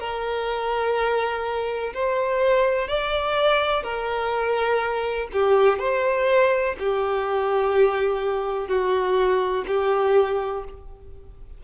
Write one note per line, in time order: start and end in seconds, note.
0.00 1.94 A#4
1.94 2.89 C5
2.89 3.84 D5
3.84 5.29 A#4
5.33 5.79 G4
5.79 6.76 C5
6.80 8.68 G4
8.68 9.65 F#4
9.68 10.65 G4